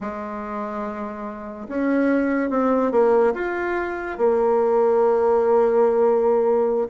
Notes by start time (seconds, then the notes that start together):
0.00 G#3
1.68 C#4
2.50 C4
2.91 A#3
3.34 F4
4.17 A#3